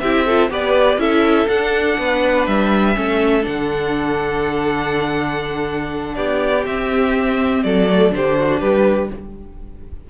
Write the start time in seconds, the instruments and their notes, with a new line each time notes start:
0.00 cello C4, viola E4, violin G4 E5
0.26 viola F4, violin A4
0.50 cello B3, viola G4, violin B4 D5
0.97 cello C#4, viola E4, violin A4 E5
1.48 cello D4, viola D4, violin F#5
1.98 cello B3, violin B4
2.47 cello G3, violin E5
2.95 cello A3, viola C#4, violin A4
3.41 cello D3, viola D4, violin F#5
6.15 cello B3, violin G4 D5
6.66 viola C4, cello C4, violin E5
7.63 cello F#3, violin A4 D5
7.88 viola A3
8.10 cello D3, viola D4, violin G4 C5
8.39 violin F#4
8.60 cello G3, violin G4 B4